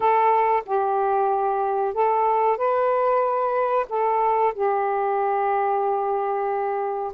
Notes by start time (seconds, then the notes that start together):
0.00 A4
0.65 G4
1.94 A4
2.57 B4
3.89 A4
4.54 G4